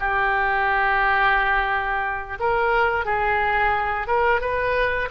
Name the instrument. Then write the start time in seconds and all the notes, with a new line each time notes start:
oboe
0.00 G4
2.40 A#4
3.06 G#4
4.08 A#4
4.41 B4